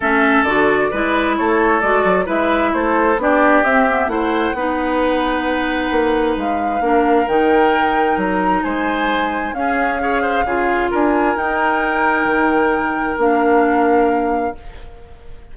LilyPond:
<<
  \new Staff \with { instrumentName = "flute" } { \time 4/4 \tempo 4 = 132 e''4 d''2 cis''4 | d''4 e''4 c''4 d''4 | e''4 fis''2.~ | fis''2 f''2 |
g''2 ais''4 gis''4~ | gis''4 f''2. | gis''4 g''2.~ | g''4 f''2. | }
  \new Staff \with { instrumentName = "oboe" } { \time 4/4 a'2 b'4 a'4~ | a'4 b'4 a'4 g'4~ | g'4 c''4 b'2~ | b'2. ais'4~ |
ais'2. c''4~ | c''4 gis'4 cis''8 c''8 gis'4 | ais'1~ | ais'1 | }
  \new Staff \with { instrumentName = "clarinet" } { \time 4/4 cis'4 fis'4 e'2 | fis'4 e'2 d'4 | c'8 b8 e'4 dis'2~ | dis'2. d'4 |
dis'1~ | dis'4 cis'4 gis'4 f'4~ | f'4 dis'2.~ | dis'4 d'2. | }
  \new Staff \with { instrumentName = "bassoon" } { \time 4/4 a4 d4 gis4 a4 | gis8 fis8 gis4 a4 b4 | c'4 a4 b2~ | b4 ais4 gis4 ais4 |
dis2 fis4 gis4~ | gis4 cis'2 cis4 | d'4 dis'2 dis4~ | dis4 ais2. | }
>>